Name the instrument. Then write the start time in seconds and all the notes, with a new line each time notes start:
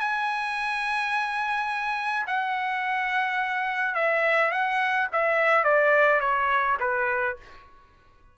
trumpet
0.00 G#5
2.27 F#5
3.95 E5
4.51 F#5
5.12 E5
5.64 D5
6.21 C#5
6.80 B4